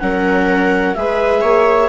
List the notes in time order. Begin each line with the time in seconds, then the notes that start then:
0.00 F#3 C#4 A#4 F#5
0.94 G#3 G#4 B4 E5
1.41 A#3 C#5